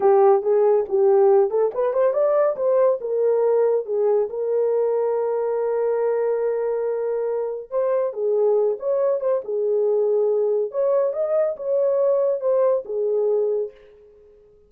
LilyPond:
\new Staff \with { instrumentName = "horn" } { \time 4/4 \tempo 4 = 140 g'4 gis'4 g'4. a'8 | b'8 c''8 d''4 c''4 ais'4~ | ais'4 gis'4 ais'2~ | ais'1~ |
ais'2 c''4 gis'4~ | gis'8 cis''4 c''8 gis'2~ | gis'4 cis''4 dis''4 cis''4~ | cis''4 c''4 gis'2 | }